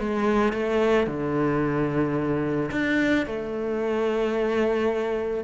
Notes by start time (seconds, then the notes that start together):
0.00 G#3
0.53 A3
1.07 D3
2.72 D4
3.26 A3